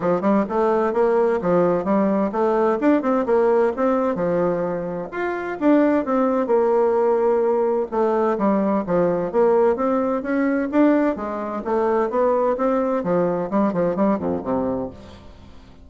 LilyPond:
\new Staff \with { instrumentName = "bassoon" } { \time 4/4 \tempo 4 = 129 f8 g8 a4 ais4 f4 | g4 a4 d'8 c'8 ais4 | c'4 f2 f'4 | d'4 c'4 ais2~ |
ais4 a4 g4 f4 | ais4 c'4 cis'4 d'4 | gis4 a4 b4 c'4 | f4 g8 f8 g8 f,8 c4 | }